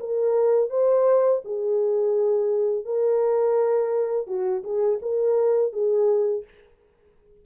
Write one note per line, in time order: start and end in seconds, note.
0.00 0.70 A#4
0.70 1.41 C5
1.45 2.85 G#4
2.85 4.27 A#4
4.27 4.63 F#4
4.64 5.00 G#4
5.02 5.73 A#4
5.73 6.44 G#4